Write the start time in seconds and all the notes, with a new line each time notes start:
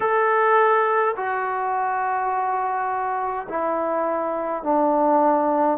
0.00 A4
1.16 F#4
3.48 E4
4.63 D4